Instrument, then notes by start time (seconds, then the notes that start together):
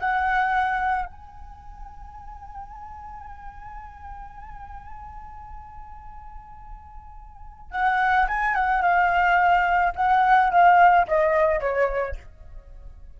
flute
0.00 F#5
1.06 G#5
7.71 F#5
8.28 G#5
8.55 F#5
8.82 F5
9.95 F#5
10.51 F5
11.08 D#5
11.61 C#5